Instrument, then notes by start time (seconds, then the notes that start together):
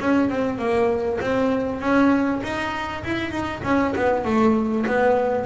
double bass
0.00 C#4
0.29 C4
0.58 A#3
1.21 C4
1.80 C#4
2.43 D#4
3.04 E4
3.31 D#4
3.64 C#4
3.95 B3
4.25 A3
4.86 B3